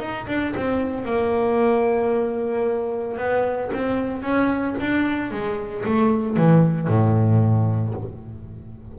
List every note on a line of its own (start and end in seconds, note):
0.00 0.27 D#4
0.28 0.55 D4
0.57 1.05 C4
1.05 3.18 A#3
3.18 3.71 B3
3.74 4.23 C4
4.23 4.76 C#4
4.81 5.31 D4
5.31 5.85 G#3
5.85 6.37 A3
6.37 6.88 E3
6.88 7.95 A2